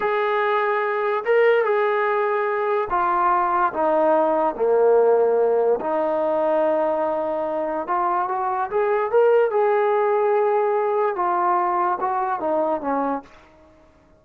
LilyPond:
\new Staff \with { instrumentName = "trombone" } { \time 4/4 \tempo 4 = 145 gis'2. ais'4 | gis'2. f'4~ | f'4 dis'2 ais4~ | ais2 dis'2~ |
dis'2. f'4 | fis'4 gis'4 ais'4 gis'4~ | gis'2. f'4~ | f'4 fis'4 dis'4 cis'4 | }